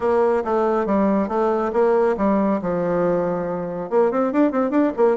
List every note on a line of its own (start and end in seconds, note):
0.00 0.43 A#3
0.44 0.86 A3
0.86 1.28 G3
1.28 1.71 A3
1.72 2.15 A#3
2.17 2.60 G3
2.61 3.90 F3
3.90 4.11 A#3
4.11 4.32 C4
4.32 4.51 D4
4.51 4.70 C4
4.70 4.92 D4
4.97 5.16 A#3